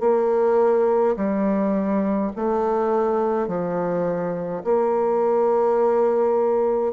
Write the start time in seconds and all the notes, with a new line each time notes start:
0.00 A#3
1.16 G3
2.35 A3
3.47 F3
4.64 A#3